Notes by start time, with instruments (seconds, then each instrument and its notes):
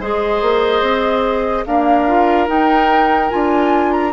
0.00 bassoon G#3, clarinet G#4, oboe C5, flute D#5
0.41 bassoon A#3
0.81 bassoon C4
1.66 clarinet A#3, bassoon D4, oboe A#4, flute F5
2.08 clarinet F4
2.47 clarinet D#4, bassoon D#4, flute G5
3.30 bassoon D4, clarinet F4, flute G#5
3.92 flute A#5